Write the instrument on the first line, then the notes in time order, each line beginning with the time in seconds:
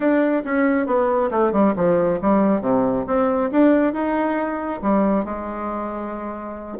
bassoon
0.00 D4
0.44 C#4
0.86 B3
1.30 A3
1.52 G3
1.76 F3
2.21 G3
2.61 C3
3.06 C4
3.51 D4
3.93 D#4
4.82 G3
5.24 G#3